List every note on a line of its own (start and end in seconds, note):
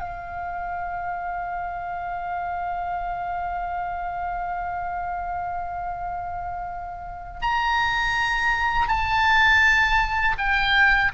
0.00 7.41 F5
7.42 8.88 A#5
8.88 10.36 A5
10.38 11.12 G5